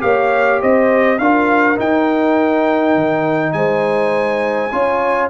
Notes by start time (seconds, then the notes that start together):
0.00 A#3 G4 C#5 F5
0.62 C4 C5 D#5
1.19 D4 F4 A#4 F5
1.76 D#4 G5
2.95 D#3
3.53 G#3 C5 G#5
4.72 C#4 F4 C#5